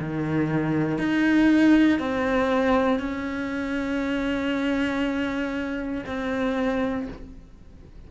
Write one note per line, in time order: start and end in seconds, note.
0.00 0.99 D#3
0.99 2.00 D#4
2.00 3.00 C4
3.00 6.05 C#4
6.06 7.08 C4